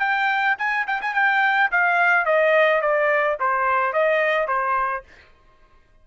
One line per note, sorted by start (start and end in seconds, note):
0.00 0.56 G5
0.59 0.87 G#5
0.87 1.01 G5
1.02 1.14 G#5
1.14 1.71 G5
1.72 2.26 F5
2.26 2.82 D#5
2.82 3.38 D5
3.40 3.93 C5
3.93 4.48 D#5
4.48 5.04 C5